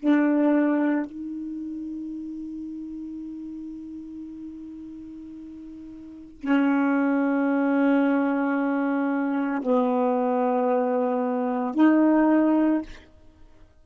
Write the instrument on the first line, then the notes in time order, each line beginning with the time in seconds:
saxophone
0.00 D4
1.06 D#4
6.41 C#4
9.63 B3
11.75 D#4